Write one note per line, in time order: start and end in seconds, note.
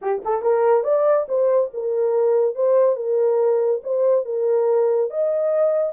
0.01 0.22 G4
0.25 0.42 A4
0.42 0.83 A#4
0.83 1.26 D5
1.28 1.71 C5
1.73 2.55 A#4
2.55 2.96 C5
2.96 3.81 A#4
3.83 4.25 C5
4.25 5.10 A#4
5.10 5.92 D#5